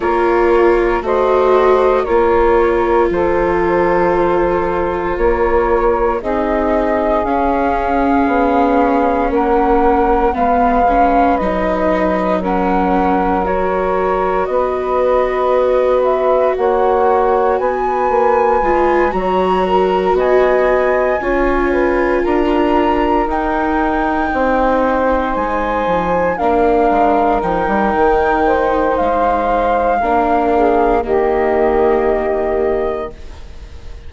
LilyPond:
<<
  \new Staff \with { instrumentName = "flute" } { \time 4/4 \tempo 4 = 58 cis''4 dis''4 cis''4 c''4~ | c''4 cis''4 dis''4 f''4~ | f''4 fis''4 f''4 dis''4 | fis''4 cis''4 dis''4. e''8 |
fis''4 gis''4. ais''4 gis''8~ | gis''4. ais''4 g''4.~ | g''8 gis''4 f''4 g''4. | f''2 dis''2 | }
  \new Staff \with { instrumentName = "saxophone" } { \time 4/4 ais'4 c''4 ais'4 a'4~ | a'4 ais'4 gis'2~ | gis'4 ais'4 b'2 | ais'2 b'2 |
cis''4 b'4. cis''8 ais'8 dis''8~ | dis''8 cis''8 b'8 ais'2 c''8~ | c''4. ais'2 c''8~ | c''4 ais'8 gis'8 g'2 | }
  \new Staff \with { instrumentName = "viola" } { \time 4/4 f'4 fis'4 f'2~ | f'2 dis'4 cis'4~ | cis'2 b8 cis'8 dis'4 | cis'4 fis'2.~ |
fis'2 f'8 fis'4.~ | fis'8 f'2 dis'4.~ | dis'4. d'4 dis'4.~ | dis'4 d'4 ais2 | }
  \new Staff \with { instrumentName = "bassoon" } { \time 4/4 ais4 a4 ais4 f4~ | f4 ais4 c'4 cis'4 | b4 ais4 gis4 fis4~ | fis2 b2 |
ais4 b8 ais8 gis8 fis4 b8~ | b8 cis'4 d'4 dis'4 c'8~ | c'8 gis8 f8 ais8 gis8 f16 g16 dis4 | gis4 ais4 dis2 | }
>>